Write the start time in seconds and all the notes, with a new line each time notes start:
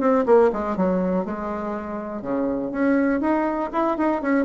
0.00 C4
0.25 A#3
0.52 G#3
0.76 F#3
1.25 G#3
2.22 C#3
2.71 C#4
3.21 D#4
3.73 E4
3.97 D#4
4.22 C#4